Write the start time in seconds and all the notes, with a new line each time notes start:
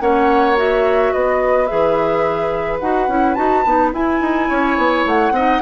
0.00 A#3 C#4 C#5 F#5
0.56 F#4 E5
1.12 B3 B4 D#5
1.66 E3 G#4 E5
2.79 D#4 F#4 F#5
3.07 C#4 E4
3.34 D#4 F#4 A5
3.65 B3 D#4
3.92 E4 G#5
4.20 D#4
4.48 C#4 C#5
4.77 B3
5.05 A3 F#5
5.30 C4 D#4 D#5